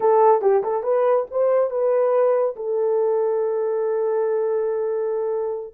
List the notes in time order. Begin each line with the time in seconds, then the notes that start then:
0.00 A4
0.41 G4
0.63 A4
0.83 B4
1.31 C5
1.70 B4
2.56 A4